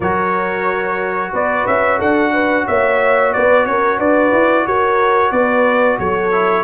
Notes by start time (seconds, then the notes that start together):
0.00 F#3 F#4 A#4 C#5
1.32 B3 B4 D5
1.66 C#4 E5
1.98 D4 A4 F#5
2.33 B4
2.67 A#3 C#5 E5
3.33 B3 B4 D5
3.66 C#4 A#4 C#5
3.98 D4 B4 D5
4.32 E4
4.66 F#4 A#4 C#5
5.31 B3 B4 D5
5.98 F#3 A4 C#5
6.32 E4